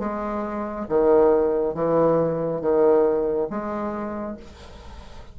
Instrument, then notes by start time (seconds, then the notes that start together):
bassoon
0.00 G#3
0.90 D#3
1.75 E3
2.62 D#3
3.51 G#3